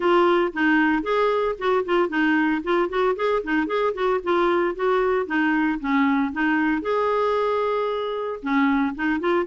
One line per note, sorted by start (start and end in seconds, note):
0.00 0.53 F4
0.53 1.03 D#4
1.03 1.55 G#4
1.58 1.84 F#4
1.85 2.09 F4
2.09 2.61 D#4
2.63 2.89 F4
2.89 3.15 F#4
3.16 3.42 G#4
3.43 3.67 D#4
3.67 3.93 G#4
3.94 4.20 F#4
4.23 4.75 F4
4.75 5.26 F#4
5.26 5.79 D#4
5.79 6.32 C#4
6.32 6.82 D#4
6.82 8.40 G#4
8.42 8.94 C#4
8.95 9.19 D#4
9.19 9.46 F4